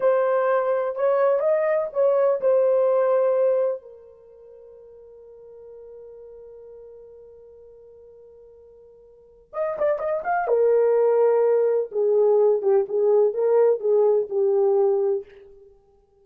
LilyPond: \new Staff \with { instrumentName = "horn" } { \time 4/4 \tempo 4 = 126 c''2 cis''4 dis''4 | cis''4 c''2. | ais'1~ | ais'1~ |
ais'1 | dis''8 d''8 dis''8 f''8 ais'2~ | ais'4 gis'4. g'8 gis'4 | ais'4 gis'4 g'2 | }